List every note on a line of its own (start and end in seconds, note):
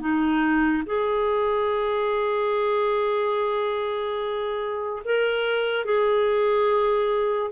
0.00 0.83 D#4
0.86 5.03 G#4
5.05 5.84 A#4
5.84 7.51 G#4